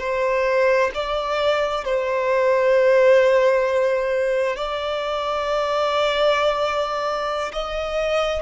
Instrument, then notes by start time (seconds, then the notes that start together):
violin
0.00 C5
0.95 D5
1.85 C5
4.57 D5
7.53 D#5